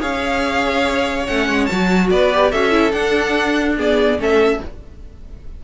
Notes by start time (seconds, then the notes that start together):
0.00 C#4 G#4 C#5 F5
1.27 A3 C#4 F#5
1.48 G#3
1.66 F#3 F#4 A5
2.11 B3 B4 D5
2.33 G4
2.51 C#4 F#4 A4 E5
2.71 E4
2.92 D4 F#5
3.77 B3 G#4 D5
4.18 A3 C#4 A4 E5